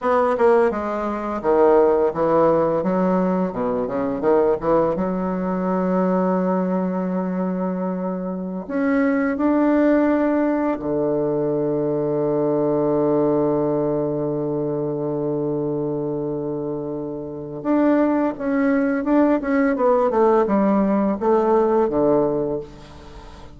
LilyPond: \new Staff \with { instrumentName = "bassoon" } { \time 4/4 \tempo 4 = 85 b8 ais8 gis4 dis4 e4 | fis4 b,8 cis8 dis8 e8 fis4~ | fis1~ | fis16 cis'4 d'2 d8.~ |
d1~ | d1~ | d4 d'4 cis'4 d'8 cis'8 | b8 a8 g4 a4 d4 | }